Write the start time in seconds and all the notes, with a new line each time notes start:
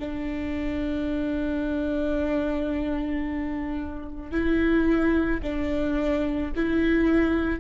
0.00 D4
4.31 E4
5.43 D4
6.56 E4